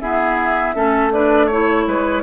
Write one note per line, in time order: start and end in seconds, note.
0.00 0.74 B3
0.00 0.75 E4
0.00 0.75 G#4
0.00 1.11 E5
0.74 1.86 A3
0.74 1.11 C#4
0.74 1.12 A4
1.12 1.50 D4
1.12 1.46 B4
1.12 1.49 D5
1.46 2.22 E4
1.46 1.83 C#5
1.46 2.22 C#5
1.86 2.22 G#3
1.86 2.22 B4